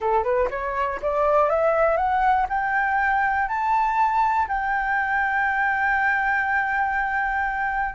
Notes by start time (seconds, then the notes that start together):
0.00 A4
0.23 B4
0.50 C#5
1.02 D5
1.49 E5
1.97 F#5
2.49 G5
3.48 A5
4.47 G5